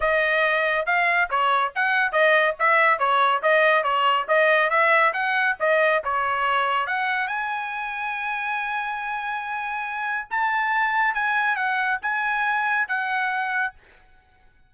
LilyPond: \new Staff \with { instrumentName = "trumpet" } { \time 4/4 \tempo 4 = 140 dis''2 f''4 cis''4 | fis''4 dis''4 e''4 cis''4 | dis''4 cis''4 dis''4 e''4 | fis''4 dis''4 cis''2 |
fis''4 gis''2.~ | gis''1 | a''2 gis''4 fis''4 | gis''2 fis''2 | }